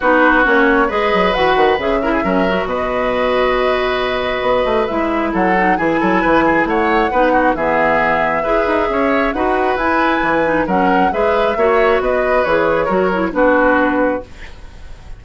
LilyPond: <<
  \new Staff \with { instrumentName = "flute" } { \time 4/4 \tempo 4 = 135 b'4 cis''4 dis''4 fis''4 | e''2 dis''2~ | dis''2. e''4 | fis''4 gis''2 fis''4~ |
fis''4 e''2.~ | e''4 fis''4 gis''2 | fis''4 e''2 dis''4 | cis''2 b'2 | }
  \new Staff \with { instrumentName = "oboe" } { \time 4/4 fis'2 b'2~ | b'8 ais'16 gis'16 ais'4 b'2~ | b'1 | a'4 gis'8 a'8 b'8 gis'8 cis''4 |
b'8 fis'8 gis'2 b'4 | cis''4 b'2. | ais'4 b'4 cis''4 b'4~ | b'4 ais'4 fis'2 | }
  \new Staff \with { instrumentName = "clarinet" } { \time 4/4 dis'4 cis'4 gis'4 fis'4 | gis'8 e'8 cis'8 fis'2~ fis'8~ | fis'2. e'4~ | e'8 dis'8 e'2. |
dis'4 b2 gis'4~ | gis'4 fis'4 e'4. dis'8 | cis'4 gis'4 fis'2 | gis'4 fis'8 e'8 d'2 | }
  \new Staff \with { instrumentName = "bassoon" } { \time 4/4 b4 ais4 gis8 fis8 e8 dis8 | cis4 fis4 b,2~ | b,2 b8 a8 gis4 | fis4 e8 fis8 e4 a4 |
b4 e2 e'8 dis'8 | cis'4 dis'4 e'4 e4 | fis4 gis4 ais4 b4 | e4 fis4 b2 | }
>>